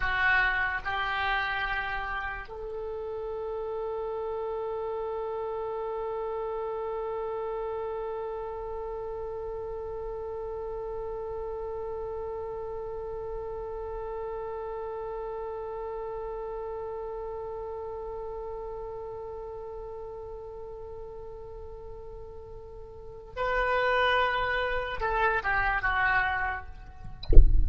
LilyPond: \new Staff \with { instrumentName = "oboe" } { \time 4/4 \tempo 4 = 72 fis'4 g'2 a'4~ | a'1~ | a'1~ | a'1~ |
a'1~ | a'1~ | a'1 | b'2 a'8 g'8 fis'4 | }